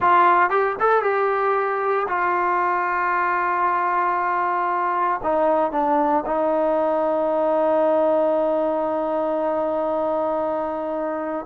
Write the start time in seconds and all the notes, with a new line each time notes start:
0.00 F4
0.50 G4
0.79 A4
1.02 G4
2.08 F4
5.23 D#4
5.71 D4
6.26 D#4